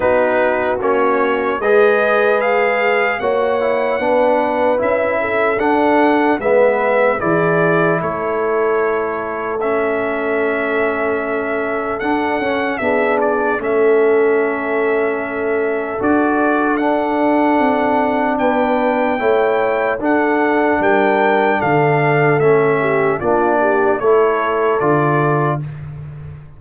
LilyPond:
<<
  \new Staff \with { instrumentName = "trumpet" } { \time 4/4 \tempo 4 = 75 b'4 cis''4 dis''4 f''4 | fis''2 e''4 fis''4 | e''4 d''4 cis''2 | e''2. fis''4 |
e''8 d''8 e''2. | d''4 fis''2 g''4~ | g''4 fis''4 g''4 f''4 | e''4 d''4 cis''4 d''4 | }
  \new Staff \with { instrumentName = "horn" } { \time 4/4 fis'2 b'2 | cis''4 b'4. a'4. | b'4 gis'4 a'2~ | a'1 |
gis'4 a'2.~ | a'2. b'4 | cis''4 a'4 ais'4 a'4~ | a'8 g'8 f'8 g'8 a'2 | }
  \new Staff \with { instrumentName = "trombone" } { \time 4/4 dis'4 cis'4 gis'2 | fis'8 e'8 d'4 e'4 d'4 | b4 e'2. | cis'2. d'8 cis'8 |
d'4 cis'2. | fis'4 d'2. | e'4 d'2. | cis'4 d'4 e'4 f'4 | }
  \new Staff \with { instrumentName = "tuba" } { \time 4/4 b4 ais4 gis2 | ais4 b4 cis'4 d'4 | gis4 e4 a2~ | a2. d'8 cis'8 |
b4 a2. | d'2 c'4 b4 | a4 d'4 g4 d4 | a4 ais4 a4 d4 | }
>>